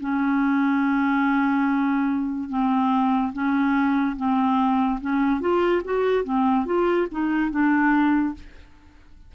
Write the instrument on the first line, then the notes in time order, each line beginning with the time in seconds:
clarinet
0.00 C#4
2.50 C4
3.33 C#4
4.17 C4
5.01 C#4
5.41 F4
5.85 F#4
6.24 C4
6.66 F4
7.12 D#4
7.51 D4